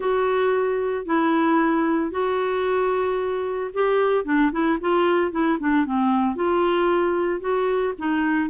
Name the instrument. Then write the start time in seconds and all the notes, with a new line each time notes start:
clarinet
0.00 F#4
1.05 E4
2.11 F#4
3.73 G4
4.24 D4
4.51 E4
4.80 F4
5.31 E4
5.59 D4
5.85 C4
6.35 F4
7.40 F#4
7.98 D#4